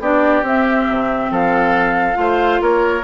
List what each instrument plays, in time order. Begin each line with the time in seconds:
0.00 bassoon B3, clarinet D4, oboe G4, flute D5
0.42 bassoon C4, clarinet C4, flute E5
0.90 bassoon C3
1.31 bassoon F3, oboe A4, flute F5
2.14 bassoon A3, clarinet F4, oboe C5
2.62 bassoon A#3, oboe A#4, flute C#5